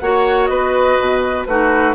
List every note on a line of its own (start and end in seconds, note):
0.00 0.49 A#3
0.00 1.48 F#4
0.00 0.50 C#5
0.00 0.47 F#5
0.47 0.98 B3
0.47 1.48 B4
0.47 1.44 D#5
1.00 1.47 B2
1.46 1.95 A3
1.46 1.95 D#4
1.46 1.95 F#4
1.46 1.95 B4